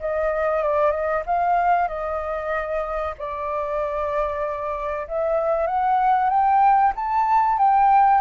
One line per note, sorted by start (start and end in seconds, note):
0.00 0.63 D#5
0.63 0.91 D5
0.91 1.23 D#5
1.26 1.88 F5
1.88 3.14 D#5
3.18 5.07 D5
5.08 5.67 E5
5.67 6.30 F#5
6.30 6.93 G5
6.96 7.58 A5
7.58 8.21 G5